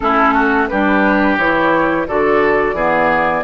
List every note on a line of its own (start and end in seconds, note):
0.00 0.70 A3
0.00 0.69 C#4
0.00 0.34 E4
0.00 0.67 A4
0.34 0.68 F#4
0.67 1.37 G3
0.67 1.40 D4
0.67 2.07 G4
0.67 1.36 B4
1.37 2.06 E3
1.37 2.07 E4
1.37 2.07 C#5
2.07 2.73 D3
2.07 2.76 F#4
2.07 2.75 A4
2.07 3.43 D5
2.73 3.42 E3
2.73 3.43 B3
2.73 3.43 G#4